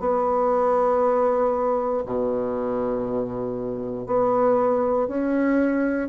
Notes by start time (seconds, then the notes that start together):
0.00 B3
2.06 B2
4.06 B3
5.08 C#4